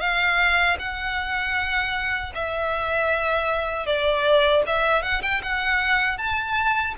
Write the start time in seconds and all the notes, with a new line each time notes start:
0.00 F5
0.79 F#5
2.35 E5
3.86 D5
4.66 E5
5.02 F#5
5.22 G5
5.43 F#5
6.17 A5